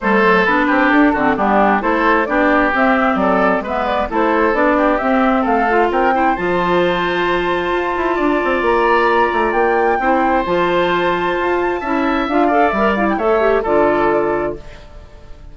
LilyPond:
<<
  \new Staff \with { instrumentName = "flute" } { \time 4/4 \tempo 4 = 132 c''4 b'4 a'4 g'4 | c''4 d''4 e''4 d''4 | e''8 d''8 c''4 d''4 e''4 | f''4 g''4 a''2~ |
a''2. ais''4~ | ais''4 g''2 a''4~ | a''2. f''4 | e''8 f''16 g''16 e''4 d''2 | }
  \new Staff \with { instrumentName = "oboe" } { \time 4/4 a'4. g'4 fis'8 d'4 | a'4 g'2 a'4 | b'4 a'4. g'4. | a'4 ais'8 c''2~ c''8~ |
c''2 d''2~ | d''2 c''2~ | c''2 e''4. d''8~ | d''4 cis''4 a'2 | }
  \new Staff \with { instrumentName = "clarinet" } { \time 4/4 g8 fis8 d'4. c'8 b4 | e'4 d'4 c'2 | b4 e'4 d'4 c'4~ | c'8 f'4 e'8 f'2~ |
f'1~ | f'2 e'4 f'4~ | f'2 e'4 f'8 a'8 | ais'8 e'8 a'8 g'8 f'2 | }
  \new Staff \with { instrumentName = "bassoon" } { \time 4/4 a4 b8 c'8 d'8 d8 g4 | a4 b4 c'4 fis4 | gis4 a4 b4 c'4 | a4 c'4 f2~ |
f4 f'8 e'8 d'8 c'8 ais4~ | ais8 a8 ais4 c'4 f4~ | f4 f'4 cis'4 d'4 | g4 a4 d2 | }
>>